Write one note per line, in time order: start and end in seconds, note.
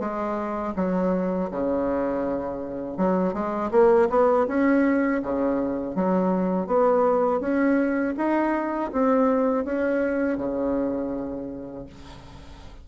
0.00 0.74 G#3
0.76 1.50 F#3
1.51 2.98 C#3
2.98 3.34 F#3
3.34 3.71 G#3
3.72 4.09 A#3
4.10 4.47 B3
4.48 5.22 C#4
5.23 5.96 C#3
5.96 6.67 F#3
6.67 7.41 B3
7.41 8.15 C#4
8.18 8.92 D#4
8.93 9.65 C4
9.65 10.38 C#4
10.38 11.86 C#3